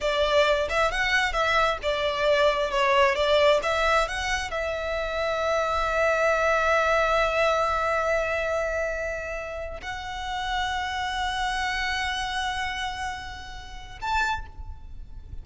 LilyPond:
\new Staff \with { instrumentName = "violin" } { \time 4/4 \tempo 4 = 133 d''4. e''8 fis''4 e''4 | d''2 cis''4 d''4 | e''4 fis''4 e''2~ | e''1~ |
e''1~ | e''4.~ e''16 fis''2~ fis''16~ | fis''1~ | fis''2. a''4 | }